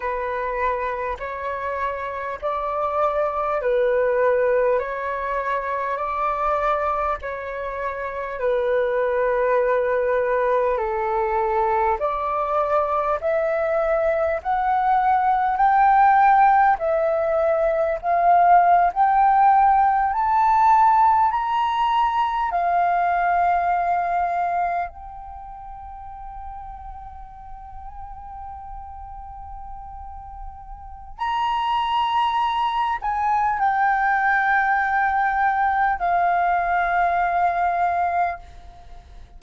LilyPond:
\new Staff \with { instrumentName = "flute" } { \time 4/4 \tempo 4 = 50 b'4 cis''4 d''4 b'4 | cis''4 d''4 cis''4 b'4~ | b'4 a'4 d''4 e''4 | fis''4 g''4 e''4 f''8. g''16~ |
g''8. a''4 ais''4 f''4~ f''16~ | f''8. g''2.~ g''16~ | g''2 ais''4. gis''8 | g''2 f''2 | }